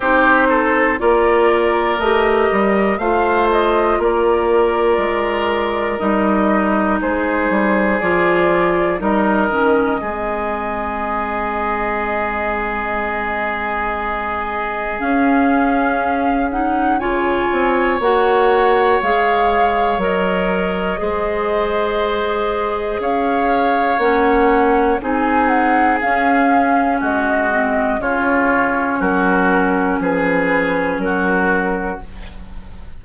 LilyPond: <<
  \new Staff \with { instrumentName = "flute" } { \time 4/4 \tempo 4 = 60 c''4 d''4 dis''4 f''8 dis''8 | d''2 dis''4 c''4 | d''4 dis''2.~ | dis''2. f''4~ |
f''8 fis''8 gis''4 fis''4 f''4 | dis''2. f''4 | fis''4 gis''8 fis''8 f''4 dis''4 | cis''4 ais'4 b'4 ais'4 | }
  \new Staff \with { instrumentName = "oboe" } { \time 4/4 g'8 a'8 ais'2 c''4 | ais'2. gis'4~ | gis'4 ais'4 gis'2~ | gis'1~ |
gis'4 cis''2.~ | cis''4 c''2 cis''4~ | cis''4 gis'2 fis'4 | f'4 fis'4 gis'4 fis'4 | }
  \new Staff \with { instrumentName = "clarinet" } { \time 4/4 dis'4 f'4 g'4 f'4~ | f'2 dis'2 | f'4 dis'8 cis'8 c'2~ | c'2. cis'4~ |
cis'8 dis'8 f'4 fis'4 gis'4 | ais'4 gis'2. | cis'4 dis'4 cis'4. c'8 | cis'1 | }
  \new Staff \with { instrumentName = "bassoon" } { \time 4/4 c'4 ais4 a8 g8 a4 | ais4 gis4 g4 gis8 g8 | f4 g8 dis8 gis2~ | gis2. cis'4~ |
cis'4 cis8 c'8 ais4 gis4 | fis4 gis2 cis'4 | ais4 c'4 cis'4 gis4 | cis4 fis4 f4 fis4 | }
>>